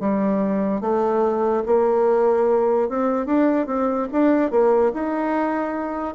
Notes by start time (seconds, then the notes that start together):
0.00 G3
0.81 A3
1.66 A#3
2.89 C4
3.26 D4
3.67 C4
4.12 D4
4.51 A#3
4.94 D#4